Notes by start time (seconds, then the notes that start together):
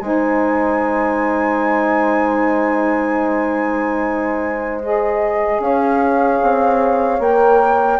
0.00 G#3 D#4 C5 G#5
4.81 G#4 D#5
5.59 C#4 C#5 F5
6.42 C4
7.19 A#3 A#4 G5